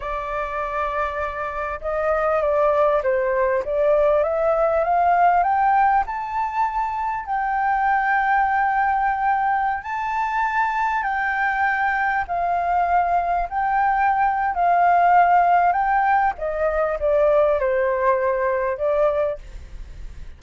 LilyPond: \new Staff \with { instrumentName = "flute" } { \time 4/4 \tempo 4 = 99 d''2. dis''4 | d''4 c''4 d''4 e''4 | f''4 g''4 a''2 | g''1~ |
g''16 a''2 g''4.~ g''16~ | g''16 f''2 g''4.~ g''16 | f''2 g''4 dis''4 | d''4 c''2 d''4 | }